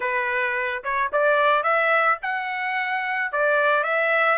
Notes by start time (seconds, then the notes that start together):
0.00 B4
0.83 C#5
1.12 D5
1.63 E5
2.22 F#5
3.32 D5
3.83 E5